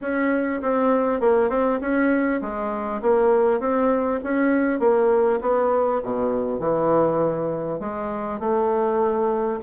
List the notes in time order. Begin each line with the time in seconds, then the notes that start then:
0.01 C#4
0.61 C4
1.20 A#3
1.49 C4
1.81 C#4
2.41 G#3
3.01 A#3
3.60 C4
4.23 C#4
4.79 A#3
5.41 B3
6.03 B2
6.59 E3
7.79 G#3
8.39 A3